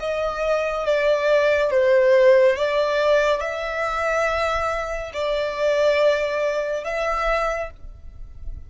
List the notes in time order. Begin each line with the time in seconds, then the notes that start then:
0.00 D#5
0.86 D5
1.70 C5
2.56 D5
3.41 E5
5.13 D5
6.85 E5